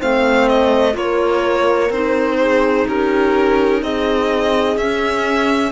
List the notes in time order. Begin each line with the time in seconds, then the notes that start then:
0.00 A3 C4 C5 F5
0.49 D#5
0.93 A#3 F4 A#4 C#5
1.90 C4 D#4 C5
2.40 G#4
2.87 C#4 G4 A#4
3.82 C4 G#4 D#5
4.77 C#4 E5